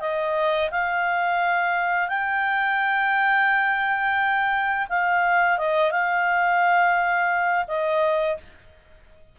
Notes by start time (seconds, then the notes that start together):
0.00 D#5
0.71 F5
2.08 G5
4.89 F5
5.58 D#5
5.91 F5
7.67 D#5